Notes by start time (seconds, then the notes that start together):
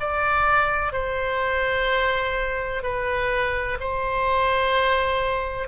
0.00 D5
0.92 C5
2.83 B4
3.80 C5